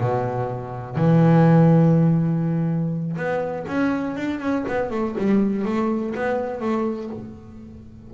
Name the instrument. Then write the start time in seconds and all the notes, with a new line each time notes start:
double bass
0.00 B2
0.96 E3
3.17 B3
3.68 C#4
4.16 D4
4.40 C#4
4.68 B3
4.90 A3
5.18 G3
5.64 A3
6.15 B3
6.61 A3